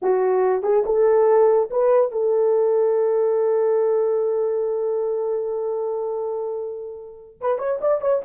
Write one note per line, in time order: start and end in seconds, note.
0.02 0.62 F#4
0.62 0.83 G#4
0.85 1.70 A4
1.70 2.11 B4
2.11 7.39 A4
7.40 7.58 B4
7.58 7.79 C#5
7.81 8.01 D5
8.01 8.22 C#5